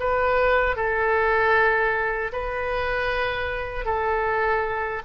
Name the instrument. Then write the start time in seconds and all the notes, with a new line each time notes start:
oboe
0.00 B4
0.77 A4
2.33 B4
3.86 A4